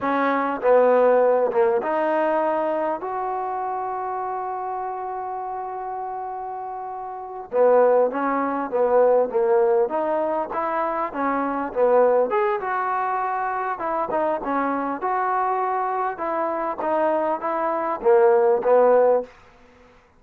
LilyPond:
\new Staff \with { instrumentName = "trombone" } { \time 4/4 \tempo 4 = 100 cis'4 b4. ais8 dis'4~ | dis'4 fis'2.~ | fis'1~ | fis'8 b4 cis'4 b4 ais8~ |
ais8 dis'4 e'4 cis'4 b8~ | b8 gis'8 fis'2 e'8 dis'8 | cis'4 fis'2 e'4 | dis'4 e'4 ais4 b4 | }